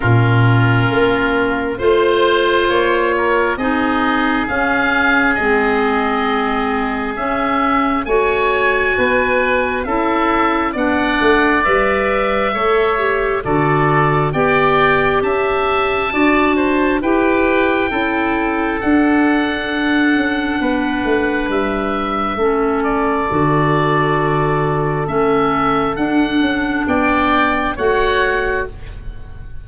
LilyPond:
<<
  \new Staff \with { instrumentName = "oboe" } { \time 4/4 \tempo 4 = 67 ais'2 c''4 cis''4 | dis''4 f''4 dis''2 | e''4 gis''2 e''4 | fis''4 e''2 d''4 |
g''4 a''2 g''4~ | g''4 fis''2. | e''4. d''2~ d''8 | e''4 fis''4 g''4 fis''4 | }
  \new Staff \with { instrumentName = "oboe" } { \time 4/4 f'2 c''4. ais'8 | gis'1~ | gis'4 cis''4 b'4 a'4 | d''2 cis''4 a'4 |
d''4 e''4 d''8 c''8 b'4 | a'2. b'4~ | b'4 a'2.~ | a'2 d''4 cis''4 | }
  \new Staff \with { instrumentName = "clarinet" } { \time 4/4 cis'2 f'2 | dis'4 cis'4 c'2 | cis'4 fis'2 e'4 | d'4 b'4 a'8 g'8 fis'4 |
g'2 fis'4 g'4 | e'4 d'2.~ | d'4 cis'4 fis'2 | cis'4 d'2 fis'4 | }
  \new Staff \with { instrumentName = "tuba" } { \time 4/4 ais,4 ais4 a4 ais4 | c'4 cis'4 gis2 | cis'4 a4 b4 cis'4 | b8 a8 g4 a4 d4 |
b4 cis'4 d'4 e'4 | cis'4 d'4. cis'8 b8 a8 | g4 a4 d2 | a4 d'8 cis'8 b4 a4 | }
>>